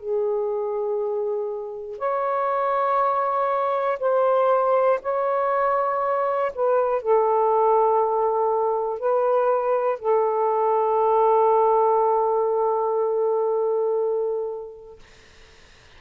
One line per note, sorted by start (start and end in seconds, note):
0.00 1.99 G#4
1.99 3.99 C#5
4.00 5.00 C5
5.02 6.52 C#5
6.55 7.02 B4
7.02 9.00 A4
9.00 9.99 B4
9.99 14.99 A4